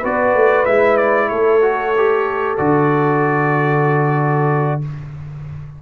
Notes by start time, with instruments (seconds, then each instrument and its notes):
0.00 tuba B3, trombone F#4, horn B4, trumpet D5
0.35 tuba A3
0.66 tuba G#3, trombone E4, trumpet E5
0.97 trumpet D5
1.29 tuba A3, horn A4, trumpet C#5
1.62 trombone F#4
1.97 trombone G4
2.58 tuba D3, trombone F#4, trumpet D5